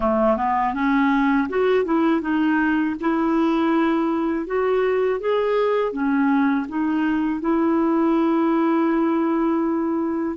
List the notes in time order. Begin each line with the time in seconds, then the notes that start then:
0.00 A3
0.37 B3
0.73 C#4
1.48 F#4
1.84 E4
2.21 D#4
3.00 E4
4.46 F#4
5.20 G#4
5.92 C#4
6.68 D#4
7.40 E4